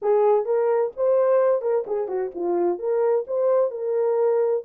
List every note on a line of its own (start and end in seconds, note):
0.01 0.45 G#4
0.45 0.91 A#4
0.96 1.61 C5
1.61 1.84 A#4
1.86 2.08 G#4
2.08 2.31 F#4
2.34 2.78 F4
2.78 3.25 A#4
3.27 3.70 C5
3.70 4.63 A#4